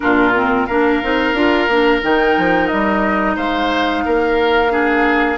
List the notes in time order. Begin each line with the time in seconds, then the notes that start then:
0.00 A#2 D4 F4 A#4
0.34 C4
0.66 A#3 D4 A#4 F5
1.02 C4 D#4
1.33 D4 F4
1.68 A#3 D4
2.01 D#3 D#4 G5
2.37 F3
2.67 G3 D#5
3.36 G#3 C5 F5
4.05 A#3 A#4
4.69 D4 G#4